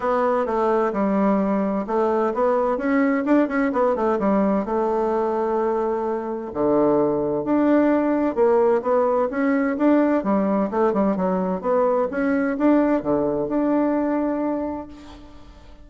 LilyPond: \new Staff \with { instrumentName = "bassoon" } { \time 4/4 \tempo 4 = 129 b4 a4 g2 | a4 b4 cis'4 d'8 cis'8 | b8 a8 g4 a2~ | a2 d2 |
d'2 ais4 b4 | cis'4 d'4 g4 a8 g8 | fis4 b4 cis'4 d'4 | d4 d'2. | }